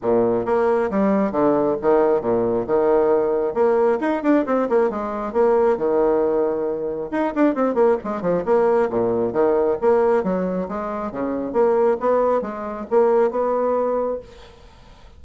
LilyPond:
\new Staff \with { instrumentName = "bassoon" } { \time 4/4 \tempo 4 = 135 ais,4 ais4 g4 d4 | dis4 ais,4 dis2 | ais4 dis'8 d'8 c'8 ais8 gis4 | ais4 dis2. |
dis'8 d'8 c'8 ais8 gis8 f8 ais4 | ais,4 dis4 ais4 fis4 | gis4 cis4 ais4 b4 | gis4 ais4 b2 | }